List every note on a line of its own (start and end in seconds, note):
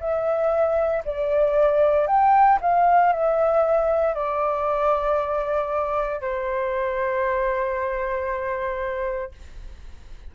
0.00 1.03 E5
1.05 2.07 D5
2.07 2.59 G5
2.61 3.13 F5
3.13 4.14 E5
4.14 6.21 D5
6.21 9.32 C5